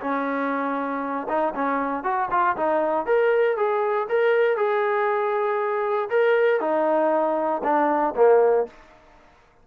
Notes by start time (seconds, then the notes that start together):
0.00 C#4
1.28 D#4
1.55 C#4
2.03 F#4
2.30 F4
2.56 D#4
3.06 A#4
3.57 G#4
4.09 A#4
4.56 G#4
6.10 A#4
6.60 D#4
7.64 D4
8.16 A#3